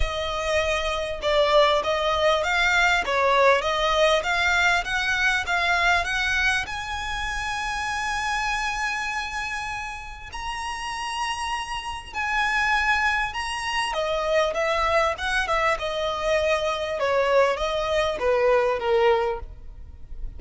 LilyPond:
\new Staff \with { instrumentName = "violin" } { \time 4/4 \tempo 4 = 99 dis''2 d''4 dis''4 | f''4 cis''4 dis''4 f''4 | fis''4 f''4 fis''4 gis''4~ | gis''1~ |
gis''4 ais''2. | gis''2 ais''4 dis''4 | e''4 fis''8 e''8 dis''2 | cis''4 dis''4 b'4 ais'4 | }